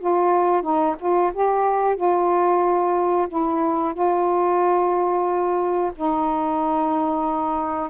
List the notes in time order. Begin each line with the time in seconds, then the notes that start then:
0.00 F4
0.63 D#4
1.00 F4
1.34 G4
1.96 F4
3.29 E4
3.94 F4
5.96 D#4